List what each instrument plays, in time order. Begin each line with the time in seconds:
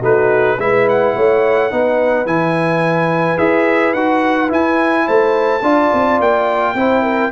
0.00 tuba A3, trombone D#4, horn F#4, trumpet B4
0.58 tuba G#3, trombone E4, horn B4, trumpet E5
0.89 trumpet F#5
1.16 tuba A3, horn C#5
1.71 tuba B3, trombone D#4, horn B4
2.25 tuba E3, trombone E4, trumpet G#5
3.38 tuba E4, trombone G#4, trumpet E5
3.93 tuba D#4, trombone F#4, trumpet F#5
4.48 trombone E4, tuba E4, trumpet G#5
5.06 tuba A3, horn C5, trumpet A5
5.62 tuba D4, trombone F4, horn D5
5.93 tuba C4
6.20 tuba A#3, trumpet G5
6.74 tuba C4, trombone E4, horn C5
7.03 horn A#4